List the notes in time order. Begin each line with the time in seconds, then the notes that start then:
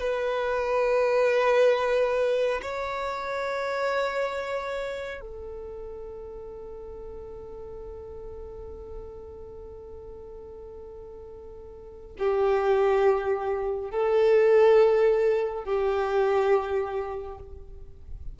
0.00 B4
2.62 C#5
5.21 A4
12.19 G4
13.91 A4
15.65 G4